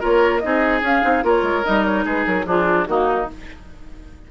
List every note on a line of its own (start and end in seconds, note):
0.00 0.44 A#3
0.00 0.41 F4
0.00 0.41 A#4
0.00 0.39 C#5
0.39 0.82 C4
0.39 0.82 D#4
0.39 0.80 D#5
0.46 1.24 G#4
0.82 1.02 C#4
0.82 1.26 F5
1.02 1.24 C4
1.02 1.22 D#4
1.22 1.42 A#3
1.22 1.63 F4
1.22 2.05 A#4
1.22 1.65 C#5
1.42 1.63 G#3
1.64 2.05 G3
1.64 2.46 D#4
1.64 1.85 D#5
1.85 2.05 C#5
2.05 2.26 G#3
2.05 2.46 G#4
2.05 2.26 B4
2.26 2.46 F#3
2.26 2.46 A#4
2.46 2.86 F3
2.46 2.88 D4
2.46 2.87 F4
2.46 2.87 G#4
2.86 3.27 D#3
2.86 3.28 A#3
2.86 3.31 D#4
2.86 3.27 F#4